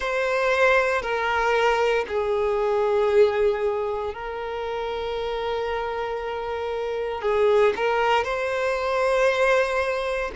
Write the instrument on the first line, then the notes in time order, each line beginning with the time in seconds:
violin
0.00 C5
1.02 A#4
2.07 G#4
4.14 A#4
7.21 G#4
7.76 A#4
8.24 C5